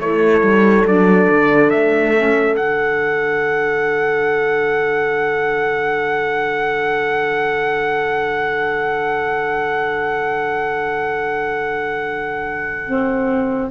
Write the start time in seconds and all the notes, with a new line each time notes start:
0.00 A3 E4 A4 C#5
0.41 G3
0.85 F#3 D4 D5
1.30 D3
1.70 A3 E5
2.16 C#4
2.56 D3 D4 F#5
12.86 C4